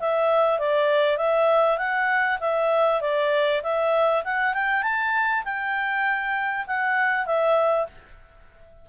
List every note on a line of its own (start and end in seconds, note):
0.00 0.60 E5
0.60 1.18 D5
1.18 1.78 E5
1.78 2.39 F#5
2.40 3.01 E5
3.01 3.62 D5
3.63 4.24 E5
4.25 4.54 F#5
4.54 4.83 G5
4.83 5.44 A5
5.45 6.66 G5
6.67 7.26 F#5
7.26 7.87 E5